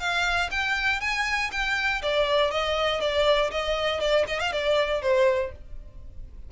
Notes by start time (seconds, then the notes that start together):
0.00 F5
0.51 G5
1.01 G#5
1.52 G5
2.02 D5
2.51 D#5
3.01 D5
3.51 D#5
4.00 D5
4.28 D#5
4.40 F5
4.52 D5
5.02 C5